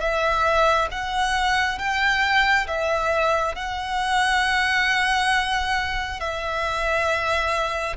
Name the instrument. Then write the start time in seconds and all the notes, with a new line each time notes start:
violin
0.00 E5
0.91 F#5
1.78 G5
2.67 E5
3.55 F#5
6.20 E5